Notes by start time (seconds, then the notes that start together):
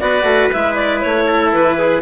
0.00 B3 F#4 B4 D5
0.23 A3
0.53 G#3 E4 E5
0.75 D5
1.01 A3 C#5
1.26 A4
1.53 E3 B4
1.79 G#4